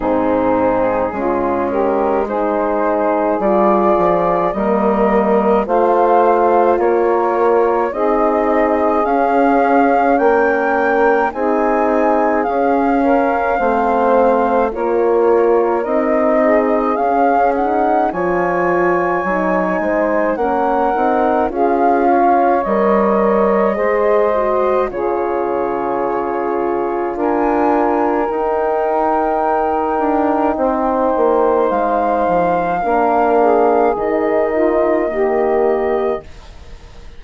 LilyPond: <<
  \new Staff \with { instrumentName = "flute" } { \time 4/4 \tempo 4 = 53 gis'4. ais'8 c''4 d''4 | dis''4 f''4 cis''4 dis''4 | f''4 g''4 gis''4 f''4~ | f''4 cis''4 dis''4 f''8 fis''8 |
gis''2 fis''4 f''4 | dis''2 cis''2 | gis''4 g''2. | f''2 dis''2 | }
  \new Staff \with { instrumentName = "saxophone" } { \time 4/4 dis'4 f'8 g'8 gis'2 | ais'4 c''4 ais'4 gis'4~ | gis'4 ais'4 gis'4. ais'8 | c''4 ais'4. gis'4. |
cis''4. c''8 ais'4 gis'8 cis''8~ | cis''4 c''4 gis'2 | ais'2. c''4~ | c''4 ais'8 gis'4 f'8 g'4 | }
  \new Staff \with { instrumentName = "horn" } { \time 4/4 c'4 cis'4 dis'4 f'4 | ais4 f'2 dis'4 | cis'2 dis'4 cis'4 | c'4 f'4 dis'4 cis'8 dis'8 |
f'4 dis'4 cis'8 dis'8 f'4 | ais'4 gis'8 fis'8 f'2~ | f'4 dis'2.~ | dis'4 d'4 dis'4 ais4 | }
  \new Staff \with { instrumentName = "bassoon" } { \time 4/4 gis,4 gis2 g8 f8 | g4 a4 ais4 c'4 | cis'4 ais4 c'4 cis'4 | a4 ais4 c'4 cis'4 |
f4 fis8 gis8 ais8 c'8 cis'4 | g4 gis4 cis2 | d'4 dis'4. d'8 c'8 ais8 | gis8 f8 ais4 dis2 | }
>>